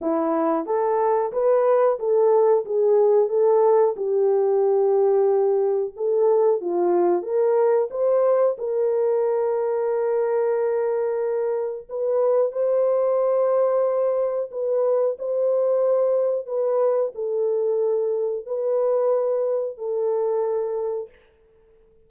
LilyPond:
\new Staff \with { instrumentName = "horn" } { \time 4/4 \tempo 4 = 91 e'4 a'4 b'4 a'4 | gis'4 a'4 g'2~ | g'4 a'4 f'4 ais'4 | c''4 ais'2.~ |
ais'2 b'4 c''4~ | c''2 b'4 c''4~ | c''4 b'4 a'2 | b'2 a'2 | }